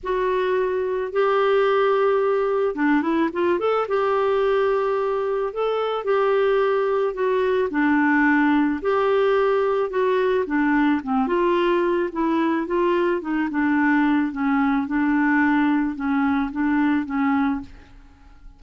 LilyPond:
\new Staff \with { instrumentName = "clarinet" } { \time 4/4 \tempo 4 = 109 fis'2 g'2~ | g'4 d'8 e'8 f'8 a'8 g'4~ | g'2 a'4 g'4~ | g'4 fis'4 d'2 |
g'2 fis'4 d'4 | c'8 f'4. e'4 f'4 | dis'8 d'4. cis'4 d'4~ | d'4 cis'4 d'4 cis'4 | }